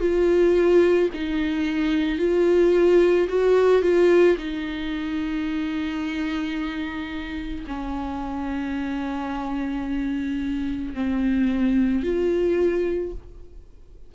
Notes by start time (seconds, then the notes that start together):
0.00 F4
1.14 D#4
2.19 F4
3.29 F#4
3.82 F4
4.38 D#4
7.68 C#4
10.94 C4
12.03 F4